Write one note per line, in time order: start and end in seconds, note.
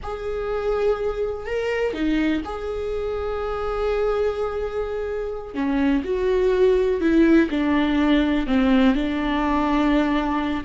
0.02 1.46 G#4
1.46 1.93 A#4
1.93 2.42 D#4
2.44 5.54 G#4
5.54 6.02 C#4
6.04 7.00 F#4
7.00 7.49 E4
7.50 8.46 D4
8.46 8.94 C4
8.94 10.64 D4